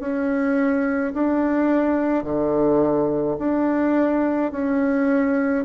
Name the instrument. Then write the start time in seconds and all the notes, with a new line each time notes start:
bassoon
0.00 C#4
1.14 D4
2.24 D3
3.39 D4
4.52 C#4